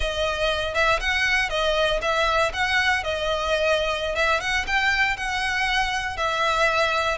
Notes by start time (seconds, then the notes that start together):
0.00 D#5
0.74 E5
1.00 F#5
1.49 D#5
2.01 E5
2.53 F#5
3.03 D#5
4.15 E5
4.40 F#5
4.67 G5
5.16 F#5
6.17 E5